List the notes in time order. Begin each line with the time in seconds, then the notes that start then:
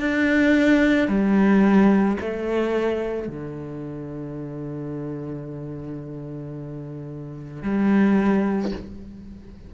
0.00 D4
1.09 G3
2.21 A3
3.28 D3
7.63 G3